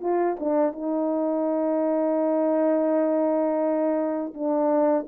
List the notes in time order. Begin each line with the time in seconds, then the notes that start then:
0.00 F4
0.39 D4
0.72 D#4
4.33 D4